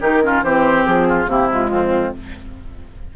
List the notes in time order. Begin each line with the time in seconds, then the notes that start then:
0.00 D#3 D#4 G4 A#4
0.22 C#4 F4
0.44 E3 C4 G4 C5
0.86 F3 G#4
1.09 F4
1.26 C3 A#3 E4 G4
1.50 G#3 F4
1.71 F2 C4